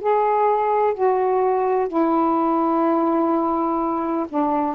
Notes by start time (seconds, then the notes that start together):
0.00 G#4
0.94 F#4
1.88 E4
4.29 D4